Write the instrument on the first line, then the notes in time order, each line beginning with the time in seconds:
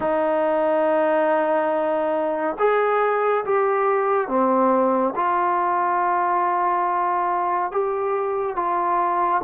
trombone
0.00 D#4
2.58 G#4
3.44 G4
4.27 C4
5.15 F4
7.71 G4
8.56 F4